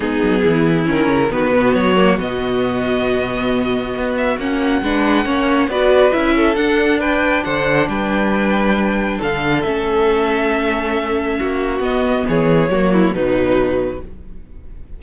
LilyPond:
<<
  \new Staff \with { instrumentName = "violin" } { \time 4/4 \tempo 4 = 137 gis'2 ais'4 b'4 | cis''4 dis''2.~ | dis''4. e''8 fis''2~ | fis''4 d''4 e''4 fis''4 |
g''4 fis''4 g''2~ | g''4 f''4 e''2~ | e''2. dis''4 | cis''2 b'2 | }
  \new Staff \with { instrumentName = "violin" } { \time 4/4 dis'4 e'2 fis'4~ | fis'1~ | fis'2. b'4 | cis''4 b'4. a'4. |
b'4 c''4 b'2~ | b'4 a'2.~ | a'2 fis'2 | gis'4 fis'8 e'8 dis'2 | }
  \new Staff \with { instrumentName = "viola" } { \time 4/4 b2 cis'4 b4~ | b8 ais8 b2.~ | b2 cis'4 d'4 | cis'4 fis'4 e'4 d'4~ |
d'1~ | d'2 cis'2~ | cis'2. b4~ | b4 ais4 fis2 | }
  \new Staff \with { instrumentName = "cello" } { \time 4/4 gis8 fis8 e4 dis8 cis8 dis8 b,8 | fis4 b,2.~ | b,4 b4 ais4 gis4 | ais4 b4 cis'4 d'4~ |
d'4 d4 g2~ | g4 d4 a2~ | a2 ais4 b4 | e4 fis4 b,2 | }
>>